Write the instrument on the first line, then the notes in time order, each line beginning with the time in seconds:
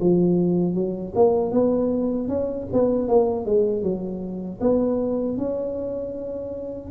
tuba
0.00 F3
0.74 F#3
1.15 A#3
1.51 B3
2.28 C#4
2.72 B3
3.08 A#3
3.45 G#3
3.82 F#3
4.60 B3
5.37 C#4